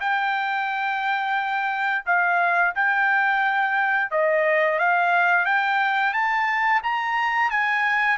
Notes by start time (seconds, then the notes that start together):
0.00 G5
2.06 F5
2.75 G5
4.11 D#5
4.79 F5
5.45 G5
6.13 A5
6.83 A#5
7.50 G#5